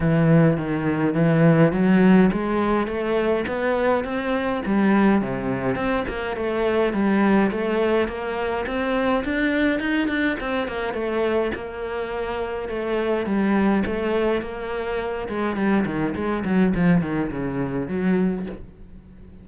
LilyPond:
\new Staff \with { instrumentName = "cello" } { \time 4/4 \tempo 4 = 104 e4 dis4 e4 fis4 | gis4 a4 b4 c'4 | g4 c4 c'8 ais8 a4 | g4 a4 ais4 c'4 |
d'4 dis'8 d'8 c'8 ais8 a4 | ais2 a4 g4 | a4 ais4. gis8 g8 dis8 | gis8 fis8 f8 dis8 cis4 fis4 | }